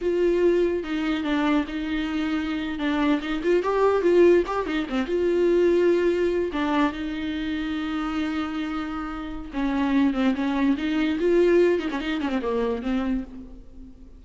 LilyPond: \new Staff \with { instrumentName = "viola" } { \time 4/4 \tempo 4 = 145 f'2 dis'4 d'4 | dis'2~ dis'8. d'4 dis'16~ | dis'16 f'8 g'4 f'4 g'8 dis'8 c'16~ | c'16 f'2.~ f'8 d'16~ |
d'8. dis'2.~ dis'16~ | dis'2. cis'4~ | cis'8 c'8 cis'4 dis'4 f'4~ | f'8 dis'16 cis'16 dis'8 cis'16 c'16 ais4 c'4 | }